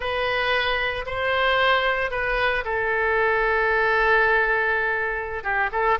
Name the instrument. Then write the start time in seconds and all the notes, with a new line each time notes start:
oboe
0.00 B4
1.05 C5
2.10 B4
2.64 A4
5.43 G4
5.72 A4